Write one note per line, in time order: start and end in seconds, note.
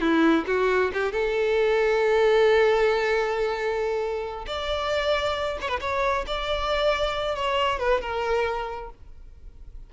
0.00 0.44 E4
0.46 0.91 F#4
0.93 1.12 G4
1.12 4.45 A4
4.46 5.58 D5
5.61 5.68 C#5
5.68 5.79 B4
5.80 6.25 C#5
6.26 7.35 D5
7.35 7.79 C#5
7.79 8.01 B4
8.01 8.90 A#4